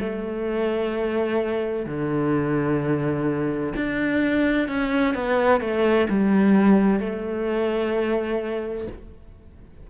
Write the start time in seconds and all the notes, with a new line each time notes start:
0.00 A3
1.86 D3
3.76 D4
4.68 C#4
5.15 B3
5.61 A3
6.09 G3
7.00 A3